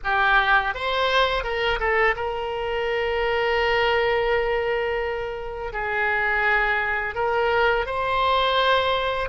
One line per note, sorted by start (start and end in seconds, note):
0.04 0.74 G4
0.74 1.43 C5
1.43 1.79 A#4
1.79 2.15 A4
2.16 5.72 A#4
5.72 7.14 G#4
7.14 7.86 A#4
7.86 9.29 C5